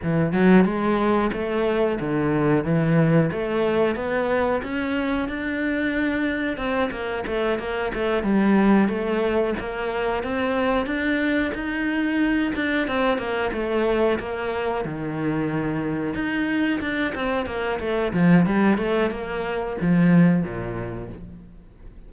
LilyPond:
\new Staff \with { instrumentName = "cello" } { \time 4/4 \tempo 4 = 91 e8 fis8 gis4 a4 d4 | e4 a4 b4 cis'4 | d'2 c'8 ais8 a8 ais8 | a8 g4 a4 ais4 c'8~ |
c'8 d'4 dis'4. d'8 c'8 | ais8 a4 ais4 dis4.~ | dis8 dis'4 d'8 c'8 ais8 a8 f8 | g8 a8 ais4 f4 ais,4 | }